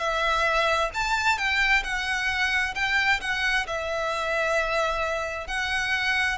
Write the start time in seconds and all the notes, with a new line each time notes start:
0.00 E5
0.94 A5
1.38 G5
1.84 F#5
2.75 G5
3.21 F#5
3.67 E5
5.48 F#5